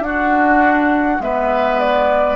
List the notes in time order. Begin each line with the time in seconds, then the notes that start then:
0.00 D4 F#4 F#5
1.19 G#3 B3 B4 E5
1.79 D5